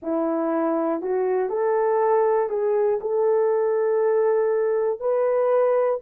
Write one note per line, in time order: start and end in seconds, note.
0.02 1.01 E4
1.01 1.49 F#4
1.49 2.49 A4
2.49 2.99 G#4
3.00 5.00 A4
5.00 6.00 B4